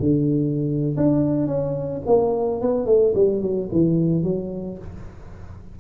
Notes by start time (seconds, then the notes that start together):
0.00 D3
0.97 D4
1.47 C#4
2.07 A#3
2.62 B3
2.87 A3
3.15 G3
3.42 F#3
3.72 E3
4.24 F#3